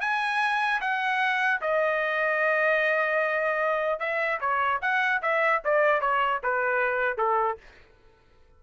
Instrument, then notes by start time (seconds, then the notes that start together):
trumpet
0.00 G#5
0.80 F#5
1.61 D#5
3.99 E5
4.40 C#5
4.81 F#5
5.22 E5
5.64 D5
6.01 C#5
6.43 B4
7.17 A4